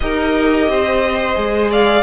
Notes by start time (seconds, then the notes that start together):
0.00 D#4 G4 A#4 D#5
0.68 C4 C5
1.34 G#3 G#4
1.70 D5 F5